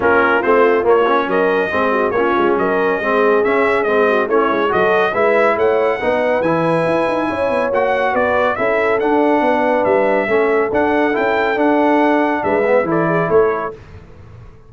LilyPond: <<
  \new Staff \with { instrumentName = "trumpet" } { \time 4/4 \tempo 4 = 140 ais'4 c''4 cis''4 dis''4~ | dis''4 cis''4 dis''2 | e''4 dis''4 cis''4 dis''4 | e''4 fis''2 gis''4~ |
gis''2 fis''4 d''4 | e''4 fis''2 e''4~ | e''4 fis''4 g''4 fis''4~ | fis''4 e''4 d''4 cis''4 | }
  \new Staff \with { instrumentName = "horn" } { \time 4/4 f'2. ais'4 | gis'8 fis'8 f'4 ais'4 gis'4~ | gis'4. fis'8 e'4 a'4 | b'4 cis''4 b'2~ |
b'4 cis''2 b'4 | a'2 b'2 | a'1~ | a'4 b'4 a'8 gis'8 a'4 | }
  \new Staff \with { instrumentName = "trombone" } { \time 4/4 cis'4 c'4 ais8 cis'4. | c'4 cis'2 c'4 | cis'4 c'4 cis'4 fis'4 | e'2 dis'4 e'4~ |
e'2 fis'2 | e'4 d'2. | cis'4 d'4 e'4 d'4~ | d'4. b8 e'2 | }
  \new Staff \with { instrumentName = "tuba" } { \time 4/4 ais4 a4 ais4 fis4 | gis4 ais8 gis8 fis4 gis4 | cis'4 gis4 a8 gis8 fis4 | gis4 a4 b4 e4 |
e'8 dis'8 cis'8 b8 ais4 b4 | cis'4 d'4 b4 g4 | a4 d'4 cis'4 d'4~ | d'4 gis4 e4 a4 | }
>>